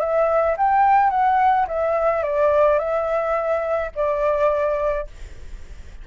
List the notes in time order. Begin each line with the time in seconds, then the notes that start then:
0.00 E5
0.57 G5
1.10 F#5
1.67 E5
2.23 D5
2.79 E5
3.95 D5